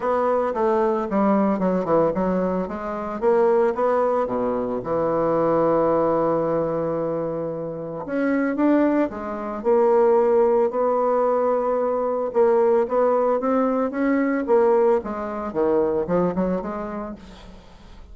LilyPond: \new Staff \with { instrumentName = "bassoon" } { \time 4/4 \tempo 4 = 112 b4 a4 g4 fis8 e8 | fis4 gis4 ais4 b4 | b,4 e2.~ | e2. cis'4 |
d'4 gis4 ais2 | b2. ais4 | b4 c'4 cis'4 ais4 | gis4 dis4 f8 fis8 gis4 | }